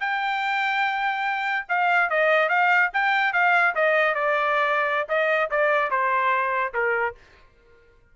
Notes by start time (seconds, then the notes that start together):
0.00 G5
1.68 F5
2.10 D#5
2.49 F5
2.93 G5
3.33 F5
3.75 D#5
4.15 D5
5.09 D#5
5.50 D5
5.91 C5
6.74 A#4